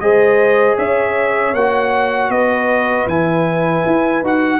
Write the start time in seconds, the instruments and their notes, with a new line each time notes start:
0.00 tuba G#3, trombone G#4, horn C5, trumpet D#5
0.77 tuba C#4, horn C#5, trumpet E5
1.54 tuba A#3, trombone F#4, trumpet F#5
2.29 tuba B3, horn B4, trumpet D#5
3.07 tuba E3, trombone E4, trumpet G#5
3.86 tuba E4
4.22 tuba D#4, trombone F#4, trumpet F#5